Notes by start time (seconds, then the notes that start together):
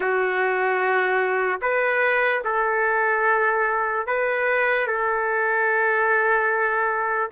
0.00 F#4
1.61 B4
2.44 A4
4.06 B4
4.87 A4